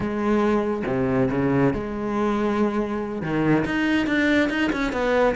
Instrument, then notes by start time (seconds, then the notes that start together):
cello
0.00 G#3
0.86 C3
1.31 C#3
1.73 G#3
3.21 D#3
3.65 D#4
4.06 D4
4.49 D#4
4.72 C#4
4.92 B3